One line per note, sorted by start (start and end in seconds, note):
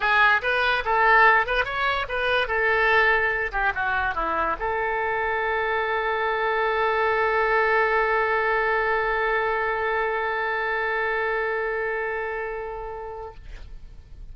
0.00 0.41 G#4
0.42 0.83 B4
0.84 1.46 A4
1.46 1.64 B4
1.64 2.06 C#5
2.08 2.47 B4
2.47 3.51 A4
3.52 3.73 G4
3.74 4.15 F#4
4.15 4.56 E4
4.59 13.34 A4